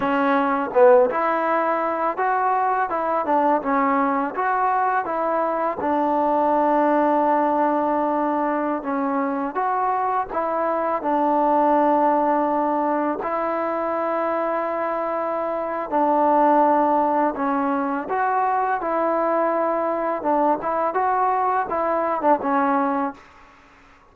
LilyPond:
\new Staff \with { instrumentName = "trombone" } { \time 4/4 \tempo 4 = 83 cis'4 b8 e'4. fis'4 | e'8 d'8 cis'4 fis'4 e'4 | d'1~ | d'16 cis'4 fis'4 e'4 d'8.~ |
d'2~ d'16 e'4.~ e'16~ | e'2 d'2 | cis'4 fis'4 e'2 | d'8 e'8 fis'4 e'8. d'16 cis'4 | }